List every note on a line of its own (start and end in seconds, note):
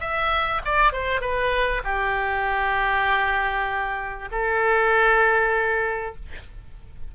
0.00 0.61 E5
0.65 0.92 D5
0.92 1.21 C5
1.21 1.82 B4
1.84 4.29 G4
4.32 6.15 A4